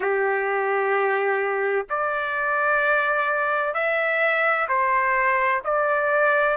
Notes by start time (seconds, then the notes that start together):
0.00 G4
1.89 D5
3.73 E5
4.68 C5
5.64 D5